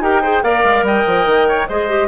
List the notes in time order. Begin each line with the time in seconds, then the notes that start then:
0.00 D#4 G4 A#4 G5
0.22 G#4 C5
0.43 A#3 A#4 D5 F5
0.64 G#3
0.82 G3 D#5 G5
1.07 F3
1.26 D#3
1.48 C#5
1.68 G#3 G#4 C5 D#5
1.89 G4